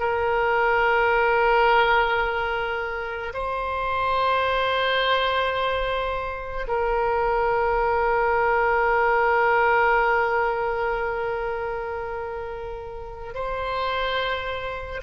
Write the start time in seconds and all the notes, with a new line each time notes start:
0.00 A#4
3.34 C5
6.68 A#4
13.35 C5